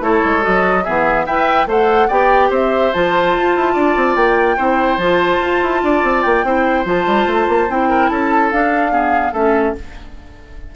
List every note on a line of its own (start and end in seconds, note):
0.00 0.21 A3
0.00 0.41 E4
0.00 0.84 A4
0.00 0.44 C#5
0.24 0.45 G#3
0.41 0.88 F#3
0.41 0.82 F#4
0.41 0.84 D#5
0.84 1.26 E3
0.84 1.27 B3
0.84 1.26 G#4
0.84 1.25 E5
1.26 1.66 E4
1.26 1.68 B4
1.26 1.67 E5
1.26 1.68 G5
1.66 2.08 A3
1.66 2.09 A4
1.66 2.08 C5
1.66 2.09 F#5
2.08 2.50 B3
2.08 2.93 G4
2.08 2.49 D5
2.08 2.51 G5
2.50 2.92 C4
2.50 3.73 C5
2.50 2.93 E5
2.93 3.36 F3
2.93 4.57 F4
2.93 4.16 A5
3.38 3.56 F4
3.56 3.76 E4
3.73 3.96 D4
3.73 4.56 D5
3.96 4.16 C4
4.16 4.57 A#3
4.16 4.98 G5
4.57 4.97 C4
4.57 4.99 E4
4.57 5.81 C5
4.97 5.39 F3
4.97 6.45 F4
4.97 6.22 A5
5.41 5.62 F4
5.62 5.83 E4
5.83 6.03 D4
5.83 6.46 D5
6.03 6.24 C4
6.22 6.44 A#3
6.22 6.84 G5
6.44 6.85 C4
6.44 6.85 E4
6.44 7.89 C5
6.85 7.06 F3
6.85 7.68 F4
6.85 7.71 A5
7.07 7.26 G3
7.26 7.47 A3
7.48 7.69 A#3
7.69 8.10 C4
7.69 8.52 E4
7.69 8.09 G5
7.89 8.10 A#4
8.09 8.52 C#4
8.09 8.92 A4
8.09 8.50 A5
8.51 9.33 D4
8.51 8.91 D4
8.51 9.34 F5
8.91 9.33 B3
8.91 9.32 G#4
9.32 9.74 A3
9.32 9.75 C#4
9.32 9.73 A4
9.32 9.75 E5